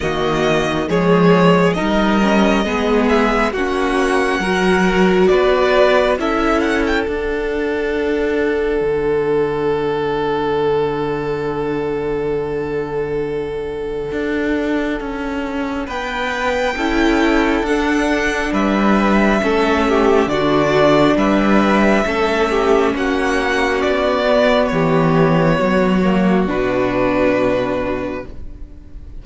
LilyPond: <<
  \new Staff \with { instrumentName = "violin" } { \time 4/4 \tempo 4 = 68 dis''4 cis''4 dis''4. e''8 | fis''2 d''4 e''8 fis''16 g''16 | fis''1~ | fis''1~ |
fis''2 g''2 | fis''4 e''2 d''4 | e''2 fis''4 d''4 | cis''2 b'2 | }
  \new Staff \with { instrumentName = "violin" } { \time 4/4 fis'4 gis'4 ais'4 gis'4 | fis'4 ais'4 b'4 a'4~ | a'1~ | a'1~ |
a'2 b'4 a'4~ | a'4 b'4 a'8 g'8 fis'4 | b'4 a'8 g'8 fis'2 | g'4 fis'2. | }
  \new Staff \with { instrumentName = "viola" } { \time 4/4 ais4 gis4 dis'8 cis'8 b4 | cis'4 fis'2 e'4 | d'1~ | d'1~ |
d'2. e'4 | d'2 cis'4 d'4~ | d'4 cis'2~ cis'8 b8~ | b4. ais8 d'2 | }
  \new Staff \with { instrumentName = "cello" } { \time 4/4 dis4 f4 g4 gis4 | ais4 fis4 b4 cis'4 | d'2 d2~ | d1 |
d'4 cis'4 b4 cis'4 | d'4 g4 a4 d4 | g4 a4 ais4 b4 | e4 fis4 b,2 | }
>>